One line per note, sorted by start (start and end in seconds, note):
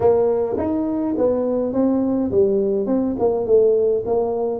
0.00 0.56 A#3
0.57 1.15 D#4
1.17 1.73 B3
1.73 2.30 C4
2.31 2.86 G3
2.86 3.15 C4
3.19 3.46 A#3
3.46 4.03 A3
4.05 4.60 A#3